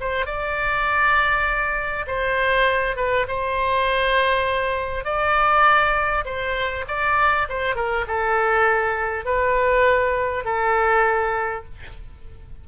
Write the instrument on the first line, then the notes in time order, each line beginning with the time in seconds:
oboe
0.00 C5
0.26 D5
2.07 C5
2.96 B4
3.28 C5
5.05 D5
6.25 C5
6.88 D5
7.49 C5
7.75 A#4
8.07 A4
9.25 B4
10.45 A4